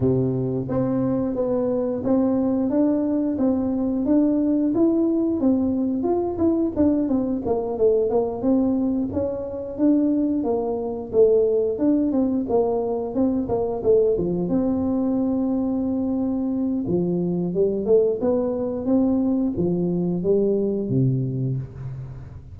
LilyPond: \new Staff \with { instrumentName = "tuba" } { \time 4/4 \tempo 4 = 89 c4 c'4 b4 c'4 | d'4 c'4 d'4 e'4 | c'4 f'8 e'8 d'8 c'8 ais8 a8 | ais8 c'4 cis'4 d'4 ais8~ |
ais8 a4 d'8 c'8 ais4 c'8 | ais8 a8 f8 c'2~ c'8~ | c'4 f4 g8 a8 b4 | c'4 f4 g4 c4 | }